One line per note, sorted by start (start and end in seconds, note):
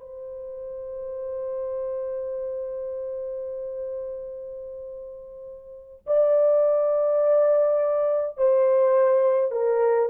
0.00 6.06 C5
6.06 8.37 D5
8.38 9.51 C5
9.51 10.09 A#4